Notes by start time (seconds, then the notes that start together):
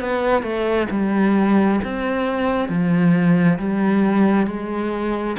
0.00 B3
0.43 A3
0.91 G3
1.84 C4
2.69 F3
3.59 G3
4.47 G#3